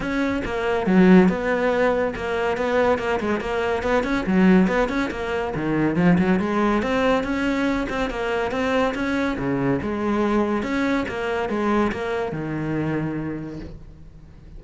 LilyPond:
\new Staff \with { instrumentName = "cello" } { \time 4/4 \tempo 4 = 141 cis'4 ais4 fis4 b4~ | b4 ais4 b4 ais8 gis8 | ais4 b8 cis'8 fis4 b8 cis'8 | ais4 dis4 f8 fis8 gis4 |
c'4 cis'4. c'8 ais4 | c'4 cis'4 cis4 gis4~ | gis4 cis'4 ais4 gis4 | ais4 dis2. | }